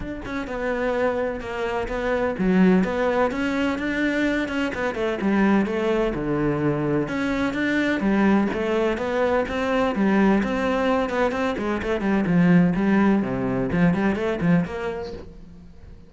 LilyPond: \new Staff \with { instrumentName = "cello" } { \time 4/4 \tempo 4 = 127 d'8 cis'8 b2 ais4 | b4 fis4 b4 cis'4 | d'4. cis'8 b8 a8 g4 | a4 d2 cis'4 |
d'4 g4 a4 b4 | c'4 g4 c'4. b8 | c'8 gis8 a8 g8 f4 g4 | c4 f8 g8 a8 f8 ais4 | }